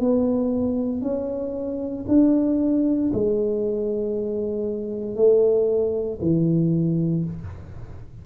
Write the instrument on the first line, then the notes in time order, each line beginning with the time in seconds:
tuba
0.00 B3
1.02 C#4
2.08 D4
3.13 G#3
5.15 A3
6.21 E3